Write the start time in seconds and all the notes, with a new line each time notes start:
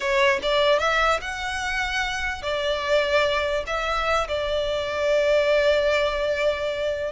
0.00 C#5
0.42 D5
0.79 E5
1.21 F#5
2.42 D5
3.67 E5
4.28 D5